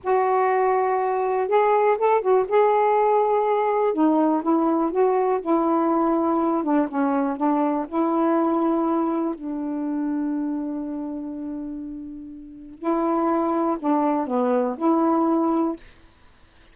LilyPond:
\new Staff \with { instrumentName = "saxophone" } { \time 4/4 \tempo 4 = 122 fis'2. gis'4 | a'8 fis'8 gis'2. | dis'4 e'4 fis'4 e'4~ | e'4. d'8 cis'4 d'4 |
e'2. d'4~ | d'1~ | d'2 e'2 | d'4 b4 e'2 | }